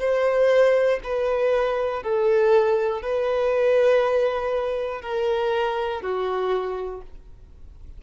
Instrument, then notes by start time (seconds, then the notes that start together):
violin
0.00 C5
1.04 B4
2.03 A4
3.03 B4
5.02 A#4
6.02 F#4